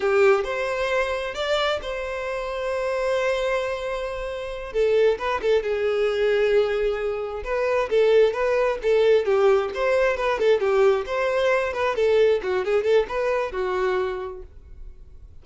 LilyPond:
\new Staff \with { instrumentName = "violin" } { \time 4/4 \tempo 4 = 133 g'4 c''2 d''4 | c''1~ | c''2~ c''8 a'4 b'8 | a'8 gis'2.~ gis'8~ |
gis'8 b'4 a'4 b'4 a'8~ | a'8 g'4 c''4 b'8 a'8 g'8~ | g'8 c''4. b'8 a'4 fis'8 | gis'8 a'8 b'4 fis'2 | }